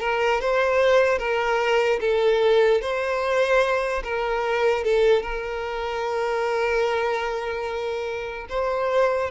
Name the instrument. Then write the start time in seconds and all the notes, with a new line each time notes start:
violin
0.00 A#4
0.41 C5
1.18 A#4
2.00 A4
2.81 C5
4.04 A#4
4.84 A4
5.22 A#4
8.49 C5